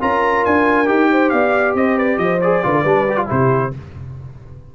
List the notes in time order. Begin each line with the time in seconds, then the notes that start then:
0.00 C#4 F4 A#4 A#5
0.45 D4 G#5
0.85 D#4 G4 G5
1.10 C5
1.29 B3 D5 F5
1.74 C4 C5 D#5
1.96 B4 D5
2.17 F3 C5 D#5
2.41 G#4 D5
2.62 D3 F4 B4
2.72 A4
2.80 G3 D4 B4
3.09 G4
3.16 F4
3.27 C3 E4 G4 C5